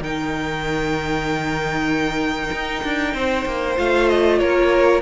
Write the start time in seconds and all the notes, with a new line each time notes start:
0.00 D#3 D#4 A#4 G5
2.52 D#4
2.84 D4
3.14 C4 C5
3.45 A#3
3.77 A3 F4 F5
4.09 D#5
4.39 A#3 A#4 C#5